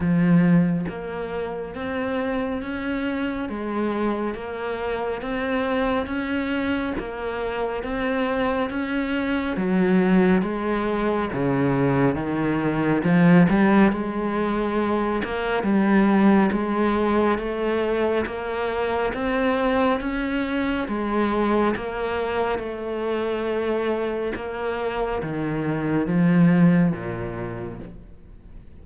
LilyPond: \new Staff \with { instrumentName = "cello" } { \time 4/4 \tempo 4 = 69 f4 ais4 c'4 cis'4 | gis4 ais4 c'4 cis'4 | ais4 c'4 cis'4 fis4 | gis4 cis4 dis4 f8 g8 |
gis4. ais8 g4 gis4 | a4 ais4 c'4 cis'4 | gis4 ais4 a2 | ais4 dis4 f4 ais,4 | }